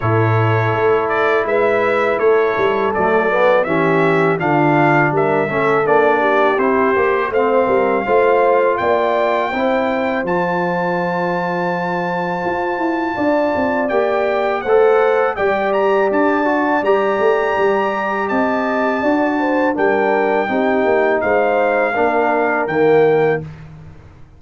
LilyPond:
<<
  \new Staff \with { instrumentName = "trumpet" } { \time 4/4 \tempo 4 = 82 cis''4. d''8 e''4 cis''4 | d''4 e''4 f''4 e''4 | d''4 c''4 f''2 | g''2 a''2~ |
a''2. g''4 | fis''4 g''8 ais''8 a''4 ais''4~ | ais''4 a''2 g''4~ | g''4 f''2 g''4 | }
  \new Staff \with { instrumentName = "horn" } { \time 4/4 a'2 b'4 a'4~ | a'4 g'4 f'4 ais'8 a'8~ | a'8 g'4. c''8 ais'8 c''4 | d''4 c''2.~ |
c''2 d''2 | c''4 d''2.~ | d''4 dis''4 d''8 c''8 ais'4 | g'4 c''4 ais'2 | }
  \new Staff \with { instrumentName = "trombone" } { \time 4/4 e'1 | a8 b8 cis'4 d'4. cis'8 | d'4 e'8 g'8 c'4 f'4~ | f'4 e'4 f'2~ |
f'2. g'4 | a'4 g'4. fis'8 g'4~ | g'2 fis'4 d'4 | dis'2 d'4 ais4 | }
  \new Staff \with { instrumentName = "tuba" } { \time 4/4 a,4 a4 gis4 a8 g8 | fis4 e4 d4 g8 a8 | ais4 c'8 ais8 a8 g8 a4 | ais4 c'4 f2~ |
f4 f'8 e'8 d'8 c'8 ais4 | a4 g4 d'4 g8 a8 | g4 c'4 d'4 g4 | c'8 ais8 gis4 ais4 dis4 | }
>>